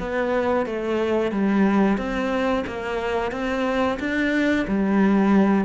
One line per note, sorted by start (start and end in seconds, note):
0.00 0.66 B3
0.66 1.32 A3
1.32 1.98 G3
1.98 2.65 C4
2.67 3.32 A#3
3.32 3.98 C4
4.00 4.66 D4
4.68 5.65 G3